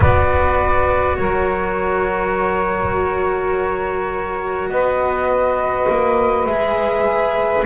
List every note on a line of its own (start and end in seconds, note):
0.00 1.17 B3
0.00 6.47 F#4
0.00 1.18 B4
0.00 1.16 D5
1.16 4.69 F#3
1.16 4.72 A#4
1.16 4.69 C#5
4.69 5.87 B3
4.69 7.65 B4
4.69 6.46 D#5
5.88 6.46 A#3
6.46 7.63 G#3
6.46 7.65 G#4
6.46 7.63 E5